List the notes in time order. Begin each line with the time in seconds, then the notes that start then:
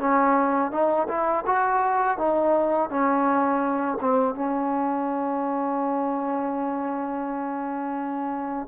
0.00 C#4
0.72 D#4
1.09 E4
1.47 F#4
2.19 D#4
2.90 C#4
4.01 C4
4.35 C#4